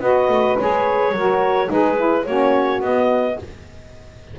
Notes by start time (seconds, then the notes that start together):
0.00 B3 F#4 B4 D#5
0.28 A3
0.59 G#3 G#4 C#5
1.12 F#3 A#4
1.19 F#4
1.68 G#3 D#4 G#4 B4
1.97 E4
2.25 A#3 C#4 F#4 C#5
2.81 B3 D#5